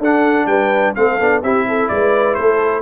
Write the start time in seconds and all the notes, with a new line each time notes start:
0.00 D4 A4 F#5
0.47 G3 B4 G5
0.95 A3 C4 A4 F5
1.20 B3 D4
1.43 C4 E4 G4 E5
1.69 A4
1.88 G#3 B4 D5
2.34 A3 A4 C5